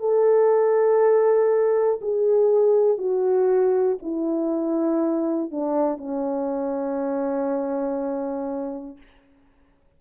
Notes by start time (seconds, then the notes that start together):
0.00 A4
2.02 G#4
2.98 F#4
4.02 E4
5.51 D4
5.97 C#4